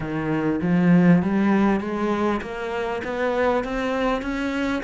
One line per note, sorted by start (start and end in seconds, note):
0.00 0.60 D#3
0.61 1.22 F3
1.22 1.80 G3
1.80 2.40 G#3
2.41 3.02 A#3
3.04 3.64 B3
3.64 4.21 C4
4.21 4.82 C#4